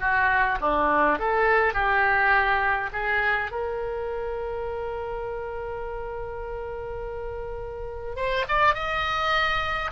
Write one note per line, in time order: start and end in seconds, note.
0.00 0.58 F#4
0.61 1.19 D4
1.19 1.74 A4
1.74 2.90 G4
2.93 3.51 G#4
3.51 8.16 A#4
8.16 8.45 C5
8.48 8.75 D5
8.75 9.91 D#5